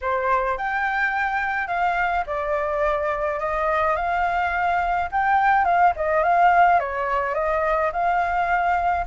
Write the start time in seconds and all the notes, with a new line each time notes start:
0.01 C5
0.57 G5
1.67 F5
2.26 D5
3.39 D#5
3.95 F5
5.11 G5
5.64 F5
5.95 D#5
6.23 F5
6.79 C#5
7.34 D#5
7.92 F5